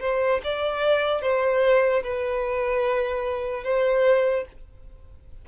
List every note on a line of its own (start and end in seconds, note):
0.00 0.41 C5
0.44 1.22 D5
1.22 2.03 C5
2.03 3.64 B4
3.64 4.45 C5